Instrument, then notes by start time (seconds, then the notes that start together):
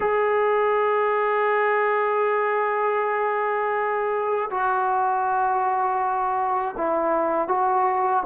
trombone
0.00 G#4
4.50 F#4
6.77 E4
7.48 F#4